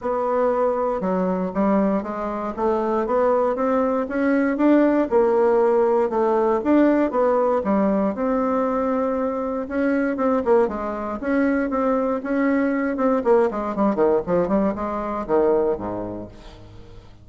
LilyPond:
\new Staff \with { instrumentName = "bassoon" } { \time 4/4 \tempo 4 = 118 b2 fis4 g4 | gis4 a4 b4 c'4 | cis'4 d'4 ais2 | a4 d'4 b4 g4 |
c'2. cis'4 | c'8 ais8 gis4 cis'4 c'4 | cis'4. c'8 ais8 gis8 g8 dis8 | f8 g8 gis4 dis4 gis,4 | }